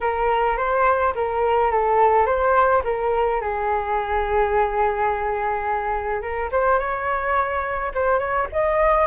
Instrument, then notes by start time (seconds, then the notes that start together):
flute
0.00 A#4
0.57 C5
1.15 A#4
1.71 A4
2.26 C5
2.84 A#4
3.40 G#4
6.21 A#4
6.51 C5
6.78 C#5
7.94 C5
8.18 C#5
8.52 D#5